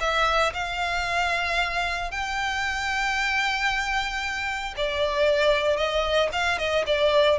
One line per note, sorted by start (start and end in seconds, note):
0.00 0.53 E5
0.54 2.11 F5
2.11 4.74 G5
4.77 5.77 D5
5.77 6.29 D#5
6.32 6.58 F5
6.58 6.84 D#5
6.86 7.39 D5